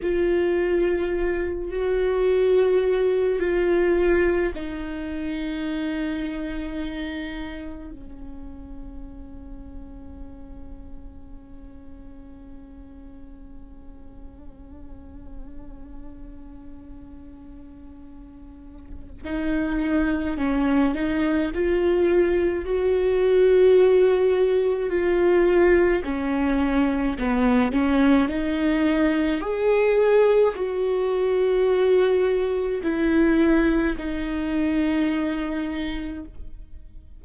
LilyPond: \new Staff \with { instrumentName = "viola" } { \time 4/4 \tempo 4 = 53 f'4. fis'4. f'4 | dis'2. cis'4~ | cis'1~ | cis'1~ |
cis'4 dis'4 cis'8 dis'8 f'4 | fis'2 f'4 cis'4 | b8 cis'8 dis'4 gis'4 fis'4~ | fis'4 e'4 dis'2 | }